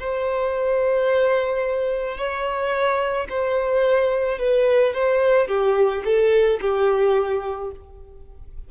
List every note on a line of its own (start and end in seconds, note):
0.00 2.18 C5
2.18 3.28 C#5
3.30 4.39 C5
4.39 4.94 B4
4.94 5.48 C5
5.48 6.04 G4
6.05 6.60 A4
6.62 7.72 G4